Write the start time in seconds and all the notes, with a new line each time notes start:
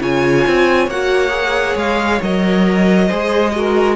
0.00 C#3 F4 C#5 G#5
0.47 C4
0.87 A#3 F#4 F#5
1.28 G#4
1.75 G#3 F5
2.22 F#3 A#4 D#5
3.07 G#3 G#4 C5
3.55 F#4 A#4